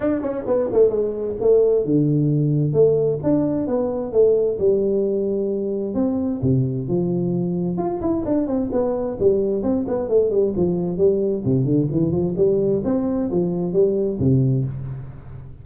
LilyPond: \new Staff \with { instrumentName = "tuba" } { \time 4/4 \tempo 4 = 131 d'8 cis'8 b8 a8 gis4 a4 | d2 a4 d'4 | b4 a4 g2~ | g4 c'4 c4 f4~ |
f4 f'8 e'8 d'8 c'8 b4 | g4 c'8 b8 a8 g8 f4 | g4 c8 d8 e8 f8 g4 | c'4 f4 g4 c4 | }